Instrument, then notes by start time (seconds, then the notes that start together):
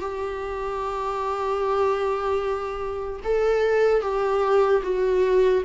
viola
0.00 G4
3.24 A4
4.02 G4
4.83 F#4